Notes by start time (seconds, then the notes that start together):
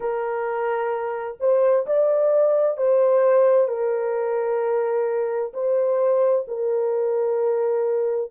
0.00 A#4
1.39 C5
1.86 D5
2.77 C5
3.68 A#4
5.53 C5
6.47 A#4